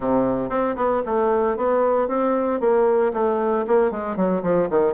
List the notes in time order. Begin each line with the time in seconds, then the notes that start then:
0.00 C3
0.49 C4
0.76 B3
1.05 A3
1.57 B3
2.08 C4
2.60 A#3
3.13 A3
3.67 A#3
3.91 G#3
4.16 F#3
4.43 F3
4.70 D#3